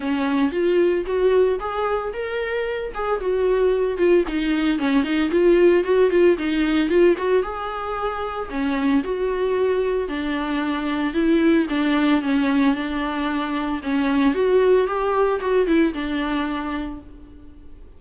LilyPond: \new Staff \with { instrumentName = "viola" } { \time 4/4 \tempo 4 = 113 cis'4 f'4 fis'4 gis'4 | ais'4. gis'8 fis'4. f'8 | dis'4 cis'8 dis'8 f'4 fis'8 f'8 | dis'4 f'8 fis'8 gis'2 |
cis'4 fis'2 d'4~ | d'4 e'4 d'4 cis'4 | d'2 cis'4 fis'4 | g'4 fis'8 e'8 d'2 | }